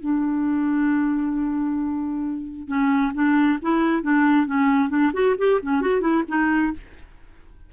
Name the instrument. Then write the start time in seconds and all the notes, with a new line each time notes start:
clarinet
0.00 D4
2.67 C#4
3.14 D4
3.62 E4
4.02 D4
4.46 C#4
4.89 D4
5.13 F#4
5.38 G4
5.62 C#4
5.81 F#4
6.01 E4
6.28 D#4